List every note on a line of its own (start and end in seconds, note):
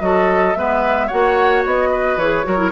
0.00 0.55 F#3
0.00 0.55 F#4
0.00 0.58 A4
0.00 0.54 D#5
0.54 1.10 G#3
0.54 1.10 B3
0.54 1.07 B4
0.54 1.08 E5
1.07 1.65 A#3
1.07 2.19 F#4
1.07 1.89 C#5
1.07 1.63 F#5
1.65 2.17 B3
1.65 2.18 D#5
1.91 2.46 B4
2.17 2.44 E3
2.17 2.44 G#4
2.17 2.72 C#5
2.44 2.72 F#3
2.44 2.57 F#4
2.44 2.72 A#4
2.57 2.71 E4